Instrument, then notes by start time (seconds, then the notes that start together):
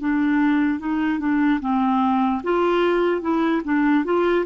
clarinet
0.00 D4
0.79 D#4
1.19 D4
1.61 C4
2.44 F4
3.21 E4
3.64 D4
4.05 F4